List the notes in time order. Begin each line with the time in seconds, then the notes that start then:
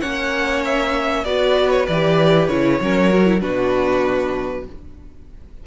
0.00 A#3 C#4 C#5 F#5
0.64 E5
1.24 B3 F#4 B4 D5
1.70 C#5
1.87 E3 G4 D5
2.47 C#3 E4 C#5
2.80 F#3 C#4 A#4
3.10 F#4
3.26 E4
3.40 B2 D4 F#4 B4